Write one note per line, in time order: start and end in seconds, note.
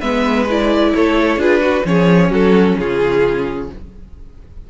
0.00 0.93 G#3
0.00 0.48 B3
0.00 0.92 B4
0.00 0.46 E5
0.50 1.39 E4
0.50 0.95 D5
0.94 1.37 A3
0.94 1.40 A4
0.94 1.41 C#5
1.37 1.82 D4
1.37 1.60 F4
1.37 1.60 G#4
1.37 1.86 B4
1.60 1.83 F#4
1.84 2.30 F3
1.84 3.68 C#4
1.84 2.30 G#4
1.84 2.32 C#5
2.30 2.76 F#3
2.30 2.76 F#4
2.30 2.78 A4
2.78 3.69 C#3
2.78 3.70 F4
2.78 3.70 G#4